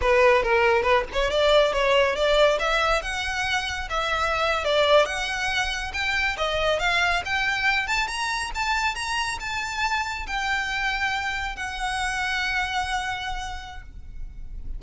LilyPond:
\new Staff \with { instrumentName = "violin" } { \time 4/4 \tempo 4 = 139 b'4 ais'4 b'8 cis''8 d''4 | cis''4 d''4 e''4 fis''4~ | fis''4 e''4.~ e''16 d''4 fis''16~ | fis''4.~ fis''16 g''4 dis''4 f''16~ |
f''8. g''4. a''8 ais''4 a''16~ | a''8. ais''4 a''2 g''16~ | g''2~ g''8. fis''4~ fis''16~ | fis''1 | }